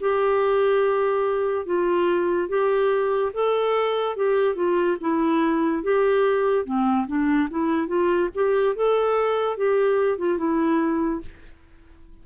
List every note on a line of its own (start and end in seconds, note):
0.00 1.66 G4
1.66 2.48 F4
2.48 3.32 G4
3.33 4.16 A4
4.16 4.55 G4
4.55 4.97 F4
5.00 5.83 E4
5.83 6.65 G4
6.65 7.06 C4
7.07 7.48 D4
7.50 7.87 E4
7.87 8.29 F4
8.34 8.75 G4
8.75 9.57 A4
9.57 10.18 G4
10.18 10.37 F4
10.37 11.21 E4